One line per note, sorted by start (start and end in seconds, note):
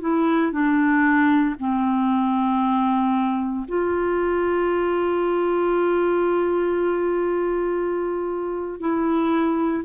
0.00 0.52 E4
0.52 1.55 D4
1.59 3.66 C4
3.68 8.80 F4
8.80 9.83 E4